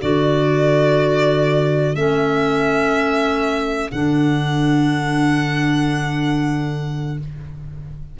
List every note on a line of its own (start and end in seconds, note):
0.00 1.95 D3
0.00 1.96 F#4
0.00 7.17 A4
0.00 1.96 D5
1.95 3.91 A3
1.95 3.92 C#4
1.95 3.91 E5
3.92 7.19 D3
3.92 7.20 D4
3.92 7.18 F#5